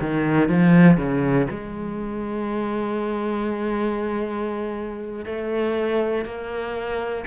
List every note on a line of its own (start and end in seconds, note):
0.00 0.49 D#3
0.49 0.97 F3
0.97 1.47 C#3
1.50 5.25 G#3
5.25 6.25 A3
6.25 7.25 A#3